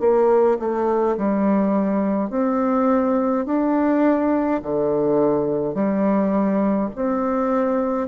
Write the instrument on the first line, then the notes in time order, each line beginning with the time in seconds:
bassoon
0.00 A#3
0.59 A3
1.17 G3
2.30 C4
3.46 D4
4.63 D3
5.74 G3
6.95 C4